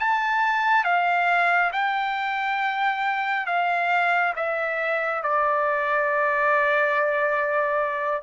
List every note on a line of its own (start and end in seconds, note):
0.00 0.84 A5
0.84 1.71 F5
1.73 3.47 G5
3.47 4.34 F5
4.36 5.23 E5
5.23 8.23 D5